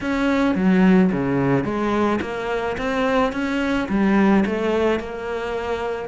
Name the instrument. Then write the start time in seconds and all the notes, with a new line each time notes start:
cello
0.01 C#4
0.55 F#3
1.12 C#3
1.64 G#3
2.21 A#3
2.77 C4
3.32 C#4
3.88 G3
4.45 A3
4.99 A#3